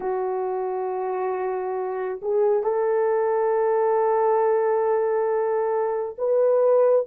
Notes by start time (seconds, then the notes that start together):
0.00 F#4
2.21 G#4
2.63 A4
6.18 B4